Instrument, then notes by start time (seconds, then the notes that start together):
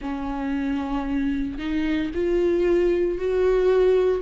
viola
0.01 C#4
1.58 D#4
2.14 F4
3.18 F#4